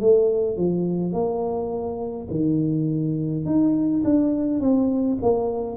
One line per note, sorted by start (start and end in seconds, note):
0.00 0.57 A3
0.57 1.12 F3
1.12 2.28 A#3
2.30 3.45 D#3
3.45 4.03 D#4
4.04 4.60 D4
4.60 5.18 C4
5.22 5.77 A#3